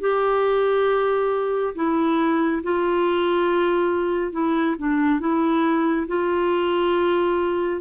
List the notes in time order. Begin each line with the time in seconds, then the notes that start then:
0.00 G4
1.75 E4
2.63 F4
4.32 E4
4.78 D4
5.19 E4
6.08 F4